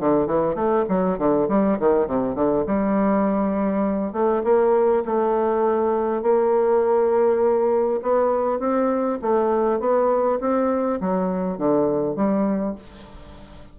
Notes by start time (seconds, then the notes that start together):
0.00 D3
0.26 E3
0.55 A3
0.89 F#3
1.18 D3
1.49 G3
1.80 D#3
2.07 C3
2.35 D3
2.67 G3
4.13 A3
4.44 A#3
5.05 A3
6.22 A#3
8.03 B3
8.59 C4
9.22 A3
9.80 B3
10.40 C4
11.01 F#3
11.58 D3
12.16 G3